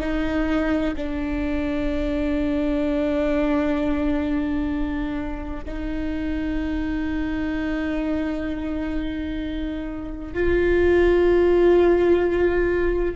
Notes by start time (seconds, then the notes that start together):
0.00 D#4
0.96 D4
5.65 D#4
10.34 F4